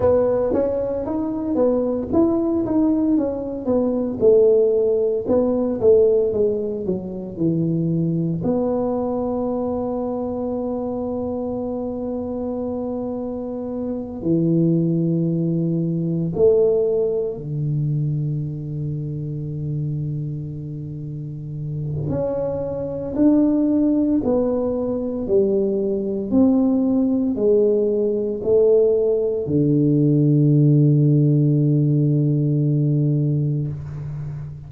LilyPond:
\new Staff \with { instrumentName = "tuba" } { \time 4/4 \tempo 4 = 57 b8 cis'8 dis'8 b8 e'8 dis'8 cis'8 b8 | a4 b8 a8 gis8 fis8 e4 | b1~ | b4. e2 a8~ |
a8 d2.~ d8~ | d4 cis'4 d'4 b4 | g4 c'4 gis4 a4 | d1 | }